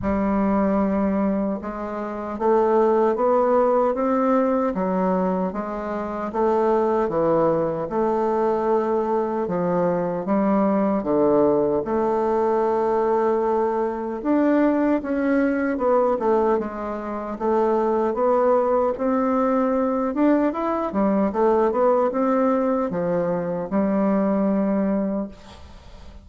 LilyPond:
\new Staff \with { instrumentName = "bassoon" } { \time 4/4 \tempo 4 = 76 g2 gis4 a4 | b4 c'4 fis4 gis4 | a4 e4 a2 | f4 g4 d4 a4~ |
a2 d'4 cis'4 | b8 a8 gis4 a4 b4 | c'4. d'8 e'8 g8 a8 b8 | c'4 f4 g2 | }